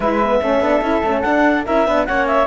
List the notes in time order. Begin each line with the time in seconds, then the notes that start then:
0.00 G#3 E4 B4 E5
0.23 B3
0.41 A3 C#4 A4
0.60 B3 D4
0.81 C#4 E4
1.03 A3 C#4
1.21 D4 F#5
1.65 C#4 E4 A#4 E5
1.86 B3 D4 B4
2.05 A#3 C#4 C#5 F#5
2.26 E5